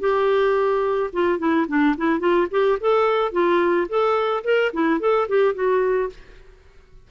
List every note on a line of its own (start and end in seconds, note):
0.00 1.10 G4
1.13 1.39 F4
1.39 1.66 E4
1.68 1.95 D4
1.97 2.20 E4
2.20 2.47 F4
2.51 2.78 G4
2.80 3.32 A4
3.32 3.87 F4
3.89 4.44 A4
4.44 4.71 A#4
4.73 5.00 E4
5.00 5.27 A4
5.28 5.54 G4
5.54 6.09 F#4